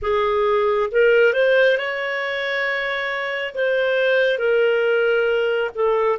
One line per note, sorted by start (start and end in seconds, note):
0.02 0.90 G#4
0.91 1.33 A#4
1.33 1.77 C5
1.77 3.53 C#5
3.54 4.38 C5
4.38 5.70 A#4
5.74 6.18 A4